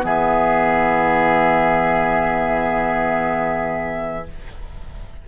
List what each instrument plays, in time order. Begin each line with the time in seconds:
0.00 bassoon E3, clarinet B3, oboe G#4, flute E5